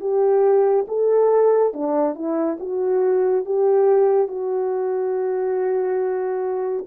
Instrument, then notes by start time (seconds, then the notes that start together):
horn
0.00 G4
0.88 A4
1.73 D4
2.15 E4
2.60 F#4
3.45 G4
4.28 F#4